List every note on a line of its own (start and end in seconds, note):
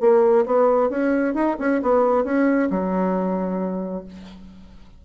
0.00 0.45 A#3
0.46 0.90 B3
0.90 1.34 C#4
1.34 1.57 D#4
1.59 1.81 C#4
1.82 2.24 B3
2.24 2.69 C#4
2.70 4.04 F#3